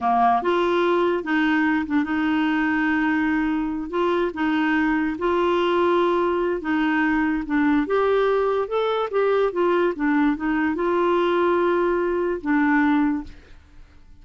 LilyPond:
\new Staff \with { instrumentName = "clarinet" } { \time 4/4 \tempo 4 = 145 ais4 f'2 dis'4~ | dis'8 d'8 dis'2.~ | dis'4. f'4 dis'4.~ | dis'8 f'2.~ f'8 |
dis'2 d'4 g'4~ | g'4 a'4 g'4 f'4 | d'4 dis'4 f'2~ | f'2 d'2 | }